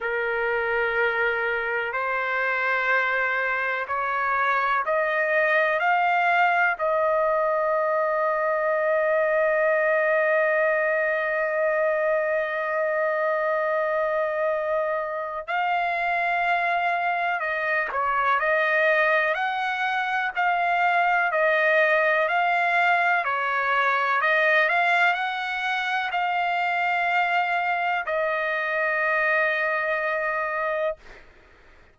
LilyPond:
\new Staff \with { instrumentName = "trumpet" } { \time 4/4 \tempo 4 = 62 ais'2 c''2 | cis''4 dis''4 f''4 dis''4~ | dis''1~ | dis''1 |
f''2 dis''8 cis''8 dis''4 | fis''4 f''4 dis''4 f''4 | cis''4 dis''8 f''8 fis''4 f''4~ | f''4 dis''2. | }